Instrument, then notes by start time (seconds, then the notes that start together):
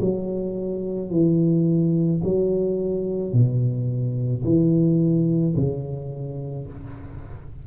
tuba
0.00 F#3
1.10 E3
2.23 F#3
3.32 B2
4.44 E3
5.56 C#3